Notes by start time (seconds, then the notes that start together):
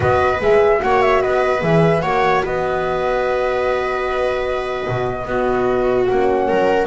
0.00 B3 F#4 B4 D#5
0.40 G#3 G#4 E5
0.78 A#3 F#4 C#5 F#5
1.01 E5
1.21 B3 B4 D#5
1.61 E3 G#4 E5
2.01 A#3 F#4 C#5 F#5
2.44 B3 B4 D#5
4.88 B2
5.25 B3 F#4
6.05 A#3 C#4 F#5
6.48 F#3 A#4